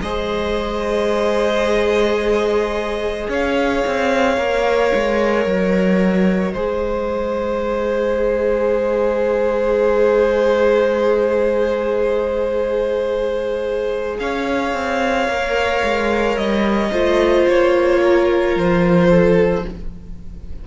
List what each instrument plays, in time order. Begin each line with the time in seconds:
0.00 cello G#3, viola G#4, violin C5 D#5
3.28 cello C#4, violin C#5 F5
3.86 cello C4
4.37 cello A#3, viola A#4
4.94 cello G#3
5.45 cello F#3, violin D#5
6.54 cello G#3, viola G#4, violin C5
14.19 cello C#4, violin C#5 F5
14.73 cello C4
15.27 cello A#3, viola A#4
15.84 cello G#3
16.37 cello G3, violin D#5
16.91 cello A3, viola F4, violin C5
17.48 cello A#3, violin C#5
18.02 violin A#4
18.55 cello F3, violin C5
19.09 violin A4